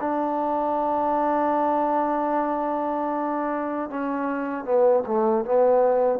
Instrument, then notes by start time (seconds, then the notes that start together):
trombone
0.00 D4
3.90 C#4
4.65 B3
5.06 A3
5.45 B3